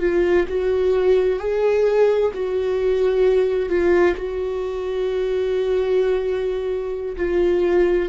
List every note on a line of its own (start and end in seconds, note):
0.00 0.46 F4
0.48 1.39 F#4
1.39 2.32 G#4
2.34 3.69 F#4
3.69 4.15 F4
4.16 7.16 F#4
7.17 8.09 F4